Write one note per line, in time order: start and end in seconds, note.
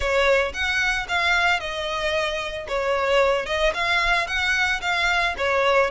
0.00 0.52 C#5
0.53 1.07 F#5
1.08 1.59 F5
1.59 2.67 D#5
2.67 3.46 C#5
3.46 3.73 D#5
3.74 4.27 F5
4.27 4.80 F#5
4.81 5.34 F5
5.37 5.90 C#5